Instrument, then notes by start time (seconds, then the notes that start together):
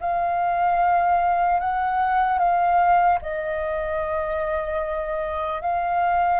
flute
0.00 F5
1.60 F#5
2.38 F5
3.22 D#5
5.61 F5